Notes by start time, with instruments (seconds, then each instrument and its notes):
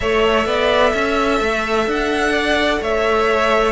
0.00 cello A3, viola A4, violin C#5 E5
0.46 cello B3, violin D5
0.93 cello C#4, violin E5
1.40 cello A3
1.86 cello D4, violin F#5
2.32 violin D5
2.80 cello A3, violin C#5 E5